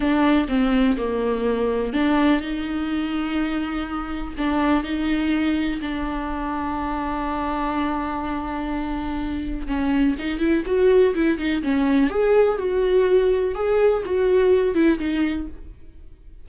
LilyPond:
\new Staff \with { instrumentName = "viola" } { \time 4/4 \tempo 4 = 124 d'4 c'4 ais2 | d'4 dis'2.~ | dis'4 d'4 dis'2 | d'1~ |
d'1 | cis'4 dis'8 e'8 fis'4 e'8 dis'8 | cis'4 gis'4 fis'2 | gis'4 fis'4. e'8 dis'4 | }